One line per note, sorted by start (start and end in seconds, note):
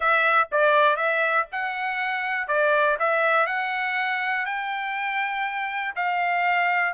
0.00 0.48 E5
0.51 0.96 D5
0.96 1.46 E5
1.52 2.47 F#5
2.47 2.97 D5
2.99 3.46 E5
3.46 4.45 F#5
4.45 5.94 G5
5.95 6.93 F5